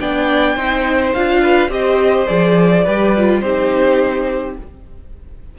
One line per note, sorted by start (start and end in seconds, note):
0.00 0.56 B3
0.00 0.57 D4
0.00 0.56 D5
0.00 1.13 G5
0.56 1.13 C4
0.56 1.14 D#4
0.56 1.41 C5
1.13 1.68 D4
1.13 1.69 F4
1.13 1.71 F5
1.42 1.71 B4
1.68 2.26 C4
1.68 2.26 G4
1.68 2.27 D#5
1.75 2.84 C5
2.27 2.87 F3
2.27 2.84 G#4
2.27 3.41 D5
2.84 3.42 G3
2.84 3.16 G4
2.84 3.41 B4
3.16 3.44 F4
3.41 4.56 C4
3.41 4.58 D#4
3.41 4.57 G4
3.41 4.55 C5